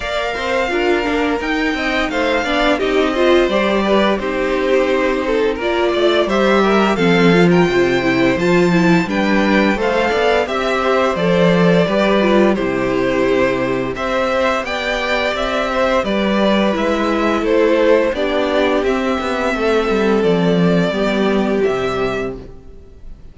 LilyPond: <<
  \new Staff \with { instrumentName = "violin" } { \time 4/4 \tempo 4 = 86 f''2 g''4 f''4 | dis''4 d''4 c''2 | d''4 e''4 f''8. g''4~ g''16 | a''4 g''4 f''4 e''4 |
d''2 c''2 | e''4 g''4 e''4 d''4 | e''4 c''4 d''4 e''4~ | e''4 d''2 e''4 | }
  \new Staff \with { instrumentName = "violin" } { \time 4/4 d''8 c''8 ais'4. dis''8 c''8 d''8 | g'8 c''4 b'8 g'4. a'8 | ais'8 d''8 c''8 ais'8 a'8. ais'16 c''4~ | c''4 b'4 c''8 d''8 e''8 c''8~ |
c''4 b'4 g'2 | c''4 d''4. c''8 b'4~ | b'4 a'4 g'2 | a'2 g'2 | }
  \new Staff \with { instrumentName = "viola" } { \time 4/4 ais'4 f'8 d'8 dis'4. d'8 | dis'8 f'8 g'4 dis'2 | f'4 g'4 c'8 f'4 e'8 | f'8 e'8 d'4 a'4 g'4 |
a'4 g'8 f'8 e'2 | g'1 | e'2 d'4 c'4~ | c'2 b4 g4 | }
  \new Staff \with { instrumentName = "cello" } { \time 4/4 ais8 c'8 d'8 ais8 dis'8 c'8 a8 b8 | c'4 g4 c'2 | ais8 a8 g4 f4 c4 | f4 g4 a8 b8 c'4 |
f4 g4 c2 | c'4 b4 c'4 g4 | gis4 a4 b4 c'8 b8 | a8 g8 f4 g4 c4 | }
>>